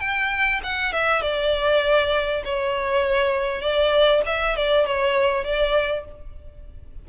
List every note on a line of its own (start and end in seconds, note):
0.00 0.61 G5
0.63 0.93 F#5
0.93 1.22 E5
1.22 2.43 D5
2.45 3.61 C#5
3.61 4.22 D5
4.26 4.56 E5
4.56 4.86 D5
4.86 5.44 C#5
5.44 6.05 D5